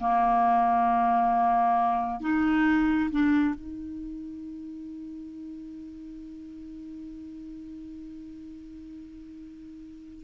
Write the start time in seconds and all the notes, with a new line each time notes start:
0.00 A#3
2.21 D#4
3.11 D4
3.55 D#4